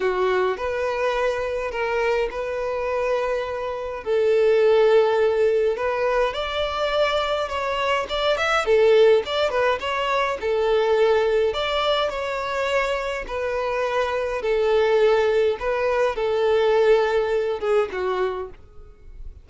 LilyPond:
\new Staff \with { instrumentName = "violin" } { \time 4/4 \tempo 4 = 104 fis'4 b'2 ais'4 | b'2. a'4~ | a'2 b'4 d''4~ | d''4 cis''4 d''8 e''8 a'4 |
d''8 b'8 cis''4 a'2 | d''4 cis''2 b'4~ | b'4 a'2 b'4 | a'2~ a'8 gis'8 fis'4 | }